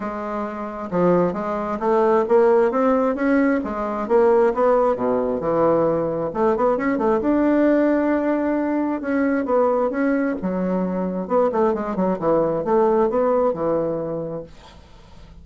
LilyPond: \new Staff \with { instrumentName = "bassoon" } { \time 4/4 \tempo 4 = 133 gis2 f4 gis4 | a4 ais4 c'4 cis'4 | gis4 ais4 b4 b,4 | e2 a8 b8 cis'8 a8 |
d'1 | cis'4 b4 cis'4 fis4~ | fis4 b8 a8 gis8 fis8 e4 | a4 b4 e2 | }